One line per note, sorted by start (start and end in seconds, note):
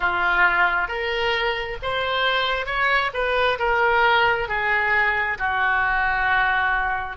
0.00 0.88 F4
0.88 1.77 A#4
1.82 2.65 C5
2.65 3.10 C#5
3.13 3.58 B4
3.58 4.48 A#4
4.48 5.37 G#4
5.38 7.16 F#4